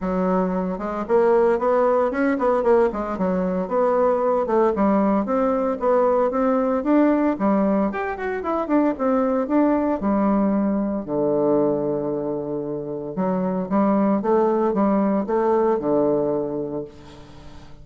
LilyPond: \new Staff \with { instrumentName = "bassoon" } { \time 4/4 \tempo 4 = 114 fis4. gis8 ais4 b4 | cis'8 b8 ais8 gis8 fis4 b4~ | b8 a8 g4 c'4 b4 | c'4 d'4 g4 g'8 fis'8 |
e'8 d'8 c'4 d'4 g4~ | g4 d2.~ | d4 fis4 g4 a4 | g4 a4 d2 | }